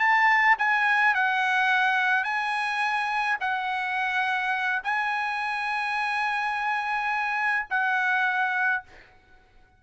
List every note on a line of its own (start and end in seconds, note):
0.00 0.57 A5
0.59 1.15 G#5
1.15 2.25 F#5
2.25 3.38 G#5
3.41 4.82 F#5
4.84 7.67 G#5
7.70 8.84 F#5